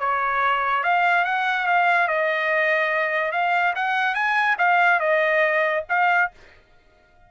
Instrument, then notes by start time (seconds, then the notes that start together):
trumpet
0.00 C#5
0.84 F5
1.25 F#5
1.67 F5
2.08 D#5
3.32 F5
3.76 F#5
4.15 G#5
4.58 F5
5.00 D#5
5.90 F5